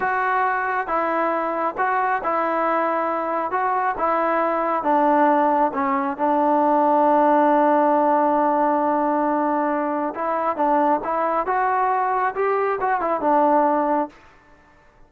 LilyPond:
\new Staff \with { instrumentName = "trombone" } { \time 4/4 \tempo 4 = 136 fis'2 e'2 | fis'4 e'2. | fis'4 e'2 d'4~ | d'4 cis'4 d'2~ |
d'1~ | d'2. e'4 | d'4 e'4 fis'2 | g'4 fis'8 e'8 d'2 | }